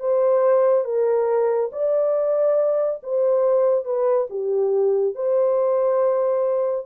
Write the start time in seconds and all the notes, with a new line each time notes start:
0.00 C5
0.85 A#4
1.72 D5
3.03 C5
3.85 B4
4.30 G4
5.15 C5